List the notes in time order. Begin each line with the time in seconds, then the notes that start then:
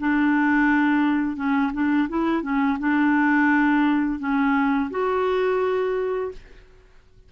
0.00 D4
1.37 C#4
1.74 D4
2.10 E4
2.43 C#4
2.79 D4
4.20 C#4
4.91 F#4